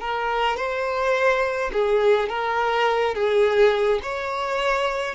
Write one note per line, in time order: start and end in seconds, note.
0.00 0.57 A#4
0.57 1.71 C5
1.72 2.29 G#4
2.29 3.15 A#4
3.15 4.00 G#4
4.03 5.15 C#5